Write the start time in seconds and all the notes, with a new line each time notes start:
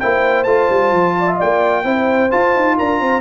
0.00 A#3 E4 C5 G5
0.44 A3 F4 A5
0.70 G3
0.92 F3
1.19 D5
1.28 E5
1.38 A#3 D5 G5
1.85 C4 E4 C5
2.31 F4 A5
2.56 D#4
2.78 D4 A#4 A#5
3.01 C4 C5